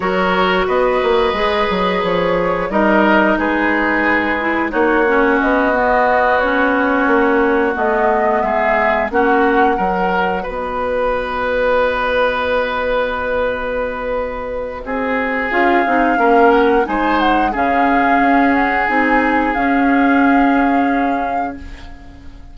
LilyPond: <<
  \new Staff \with { instrumentName = "flute" } { \time 4/4 \tempo 4 = 89 cis''4 dis''2 cis''4 | dis''4 b'2 cis''4 | dis''4. cis''2 dis''8~ | dis''8 e''4 fis''2 dis''8~ |
dis''1~ | dis''2. f''4~ | f''8 fis''8 gis''8 fis''8 f''4. fis''8 | gis''4 f''2. | }
  \new Staff \with { instrumentName = "oboe" } { \time 4/4 ais'4 b'2. | ais'4 gis'2 fis'4~ | fis'1~ | fis'8 gis'4 fis'4 ais'4 b'8~ |
b'1~ | b'2 gis'2 | ais'4 c''4 gis'2~ | gis'1 | }
  \new Staff \with { instrumentName = "clarinet" } { \time 4/4 fis'2 gis'2 | dis'2~ dis'8 e'8 dis'8 cis'8~ | cis'8 b4 cis'2 b8~ | b4. cis'4 fis'4.~ |
fis'1~ | fis'2. f'8 dis'8 | cis'4 dis'4 cis'2 | dis'4 cis'2. | }
  \new Staff \with { instrumentName = "bassoon" } { \time 4/4 fis4 b8 ais8 gis8 fis8 f4 | g4 gis2 ais4 | b2~ b8 ais4 a8~ | a8 gis4 ais4 fis4 b8~ |
b1~ | b2 c'4 cis'8 c'8 | ais4 gis4 cis4 cis'4 | c'4 cis'2. | }
>>